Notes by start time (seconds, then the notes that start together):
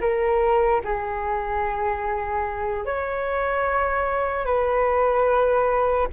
0.00 A#4
0.84 G#4
2.85 C#5
4.45 B4